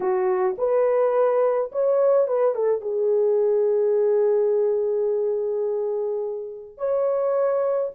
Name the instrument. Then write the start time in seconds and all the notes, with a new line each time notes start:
horn
0.00 F#4
0.58 B4
1.72 C#5
2.27 B4
2.55 A4
2.81 G#4
6.77 C#5